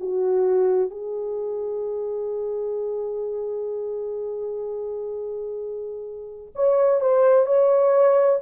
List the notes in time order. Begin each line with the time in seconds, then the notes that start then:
0.00 F#4
0.90 G#4
6.55 C#5
7.01 C5
7.46 C#5